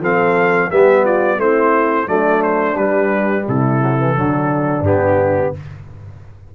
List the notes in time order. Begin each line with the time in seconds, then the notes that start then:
0.00 F3 C4 A4 F5
0.70 G3 B3 G4 E5
1.05 F4 D5
1.38 A3 C4 E4 C5
2.07 F#3 A3 D4 D5
2.43 C5
2.75 G3 B4
3.47 C3 E4 A4
3.81 F#3
3.99 E3
4.15 D3 F#3 D4
4.81 G2 B3 G4